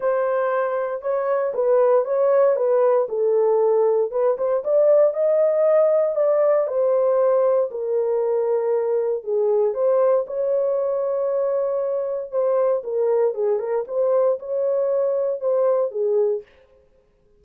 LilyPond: \new Staff \with { instrumentName = "horn" } { \time 4/4 \tempo 4 = 117 c''2 cis''4 b'4 | cis''4 b'4 a'2 | b'8 c''8 d''4 dis''2 | d''4 c''2 ais'4~ |
ais'2 gis'4 c''4 | cis''1 | c''4 ais'4 gis'8 ais'8 c''4 | cis''2 c''4 gis'4 | }